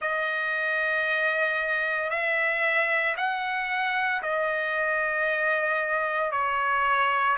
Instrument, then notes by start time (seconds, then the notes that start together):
trumpet
0.00 D#5
2.10 E5
3.16 F#5
4.22 D#5
6.32 C#5